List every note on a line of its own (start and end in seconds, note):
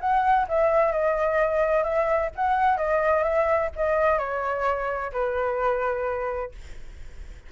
0.00 0.47 F#5
0.48 0.92 E5
0.92 1.83 D#5
1.83 2.30 E5
2.35 2.77 F#5
2.77 3.23 D#5
3.23 3.69 E5
3.76 4.18 D#5
4.18 5.11 C#5
5.12 6.52 B4